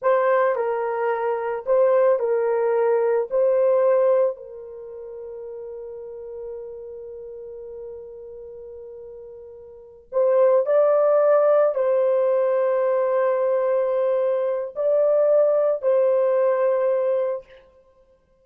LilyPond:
\new Staff \with { instrumentName = "horn" } { \time 4/4 \tempo 4 = 110 c''4 ais'2 c''4 | ais'2 c''2 | ais'1~ | ais'1~ |
ais'2~ ais'8 c''4 d''8~ | d''4. c''2~ c''8~ | c''2. d''4~ | d''4 c''2. | }